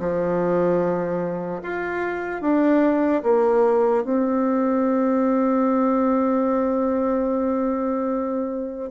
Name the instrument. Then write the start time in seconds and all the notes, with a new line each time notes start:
bassoon
0.00 F3
1.63 F4
2.42 D4
3.23 A#3
4.04 C4